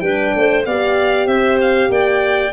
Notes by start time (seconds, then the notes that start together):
0.00 G3 D4 B4 G5
0.36 A3 C5
0.66 B3 G4 D5 F5
1.27 C4 C5 E5
1.61 F5
1.90 A#3 D5 G5